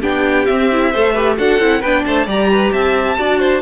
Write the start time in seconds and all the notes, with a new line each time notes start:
0.00 B3 D4 G4 G5
0.45 C4 E5
0.72 E4
0.91 A3 A4 C5
1.13 G4 B4
1.38 D4 F#4 A4 F#5
1.59 C4 E4
1.80 B3 D4 B4 G5
2.05 A3 C5 A5
2.26 G3 G4 D5 A#5
2.51 B4
2.72 C4 E5 A5
3.17 D4 F#4 D5
3.39 C5